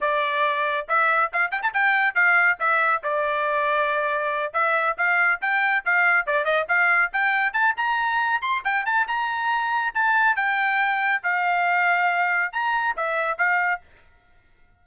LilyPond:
\new Staff \with { instrumentName = "trumpet" } { \time 4/4 \tempo 4 = 139 d''2 e''4 f''8 g''16 a''16 | g''4 f''4 e''4 d''4~ | d''2~ d''8 e''4 f''8~ | f''8 g''4 f''4 d''8 dis''8 f''8~ |
f''8 g''4 a''8 ais''4. c'''8 | g''8 a''8 ais''2 a''4 | g''2 f''2~ | f''4 ais''4 e''4 f''4 | }